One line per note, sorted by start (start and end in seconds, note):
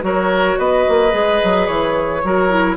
0.00 0.57 F#3
0.00 1.09 F#4
0.00 0.58 A#4
0.00 0.58 C#5
0.58 0.85 B3
0.58 2.22 B4
0.58 1.66 D#5
0.88 1.13 A#3
1.10 1.40 G#3
1.10 2.19 G#4
1.43 1.68 F#3
1.66 2.22 E3
1.66 2.76 C#5
2.23 2.76 F#3
2.23 2.49 F#4
2.23 2.76 A#4
2.49 2.76 E4